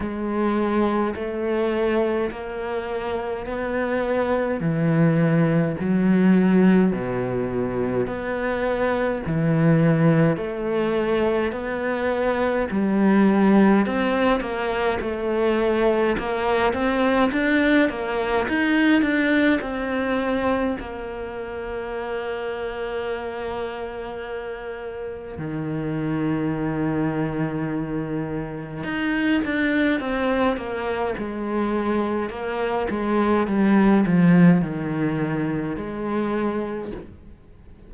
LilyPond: \new Staff \with { instrumentName = "cello" } { \time 4/4 \tempo 4 = 52 gis4 a4 ais4 b4 | e4 fis4 b,4 b4 | e4 a4 b4 g4 | c'8 ais8 a4 ais8 c'8 d'8 ais8 |
dis'8 d'8 c'4 ais2~ | ais2 dis2~ | dis4 dis'8 d'8 c'8 ais8 gis4 | ais8 gis8 g8 f8 dis4 gis4 | }